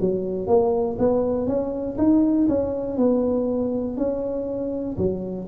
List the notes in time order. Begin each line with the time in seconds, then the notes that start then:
0.00 F#3
0.47 A#3
0.99 B3
1.47 C#4
1.98 D#4
2.49 C#4
2.97 B3
3.97 C#4
4.97 F#3